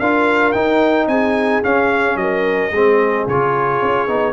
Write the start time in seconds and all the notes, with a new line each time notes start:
0.00 D4 F4 A#4 F5
0.52 D#4 G5
1.07 C4 G#4 G#5
1.63 C#4 F5
2.16 F#3 A#4 D#5
2.72 G#3 C4 G#4
3.27 C#3 F4 C#5
3.82 C#4
4.08 B3 D#4